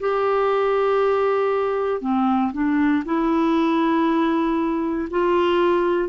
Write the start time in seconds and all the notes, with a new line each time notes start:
0.00 G4
2.01 C4
2.53 D4
3.05 E4
5.10 F4